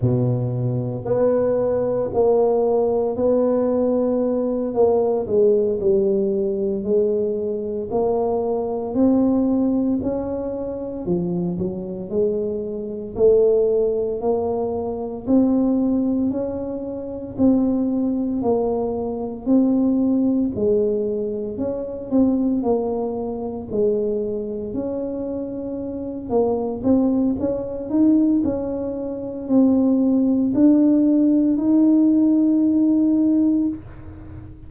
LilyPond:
\new Staff \with { instrumentName = "tuba" } { \time 4/4 \tempo 4 = 57 b,4 b4 ais4 b4~ | b8 ais8 gis8 g4 gis4 ais8~ | ais8 c'4 cis'4 f8 fis8 gis8~ | gis8 a4 ais4 c'4 cis'8~ |
cis'8 c'4 ais4 c'4 gis8~ | gis8 cis'8 c'8 ais4 gis4 cis'8~ | cis'4 ais8 c'8 cis'8 dis'8 cis'4 | c'4 d'4 dis'2 | }